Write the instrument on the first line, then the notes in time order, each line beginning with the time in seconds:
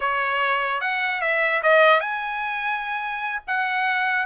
trumpet
0.00 C#5
0.80 F#5
1.21 E5
1.62 D#5
2.00 G#5
3.47 F#5